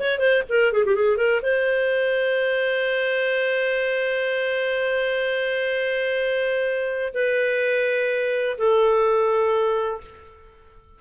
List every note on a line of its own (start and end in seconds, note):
0.00 0.19 C#5
0.19 0.43 C5
0.49 0.73 A#4
0.73 0.85 G#4
0.85 0.95 G4
0.95 1.17 G#4
1.17 1.41 A#4
1.42 7.14 C5
7.14 8.57 B4
8.58 10.01 A4